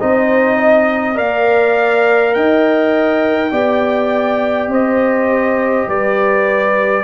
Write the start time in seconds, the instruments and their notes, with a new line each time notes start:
0.00 tuba C4, trombone D#4, horn C5, trumpet D#5
0.57 horn D#5
1.15 tuba A#3, trombone A#4, horn D5, trumpet F5
2.34 tuba D#4, horn D#5, trumpet G5
3.51 tuba B3, trombone G4, horn D5
4.67 tuba C4, horn C5, trumpet D#5
5.87 tuba G3, horn B4, trumpet D5